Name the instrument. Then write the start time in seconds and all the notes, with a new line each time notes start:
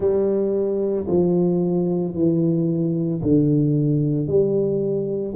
tuba
0.00 G3
1.07 F3
2.14 E3
3.22 D3
4.27 G3